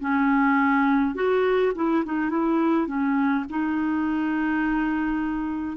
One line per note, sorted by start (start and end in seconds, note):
0.00 1.15 C#4
1.15 1.73 F#4
1.75 2.03 E4
2.05 2.30 D#4
2.30 2.87 E4
2.87 3.45 C#4
3.49 5.76 D#4